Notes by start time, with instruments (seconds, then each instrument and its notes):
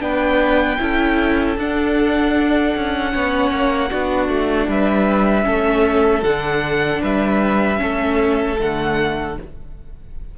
0.00 cello B3, viola D4, violin B4 G5
0.78 cello C#4, viola E4, violin A4
1.57 cello D4, viola D4, violin F#5
2.75 cello C#4
3.11 cello B3, viola C#4, violin C#5
3.51 cello A#3
3.90 cello B3, viola D4, violin F#4
4.28 cello A3
4.68 cello G3, violin B4 E5
5.43 cello A3, viola C#4, violin A4
6.23 cello D3, viola D4, violin F#5
7.01 cello G3, violin B4 E5
7.77 cello A3, viola C#4, violin A4
8.59 cello D3, viola A3, violin F#5